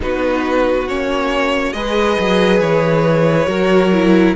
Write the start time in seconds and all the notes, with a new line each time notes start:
0.00 B3 D#4 F#4 B4
0.87 A#3 C#4 C#5
1.72 G#3 G#4 B4 D#5
2.19 F#3
2.60 E3 C#5
3.46 F#3 F#4 A#4
3.92 E4